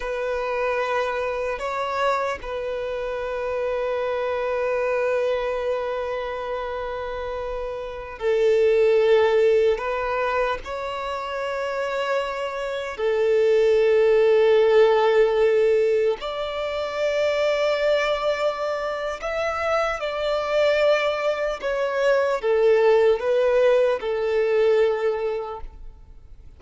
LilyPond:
\new Staff \with { instrumentName = "violin" } { \time 4/4 \tempo 4 = 75 b'2 cis''4 b'4~ | b'1~ | b'2~ b'16 a'4.~ a'16~ | a'16 b'4 cis''2~ cis''8.~ |
cis''16 a'2.~ a'8.~ | a'16 d''2.~ d''8. | e''4 d''2 cis''4 | a'4 b'4 a'2 | }